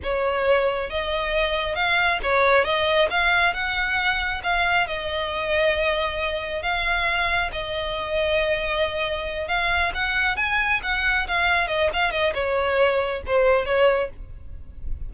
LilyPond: \new Staff \with { instrumentName = "violin" } { \time 4/4 \tempo 4 = 136 cis''2 dis''2 | f''4 cis''4 dis''4 f''4 | fis''2 f''4 dis''4~ | dis''2. f''4~ |
f''4 dis''2.~ | dis''4. f''4 fis''4 gis''8~ | gis''8 fis''4 f''4 dis''8 f''8 dis''8 | cis''2 c''4 cis''4 | }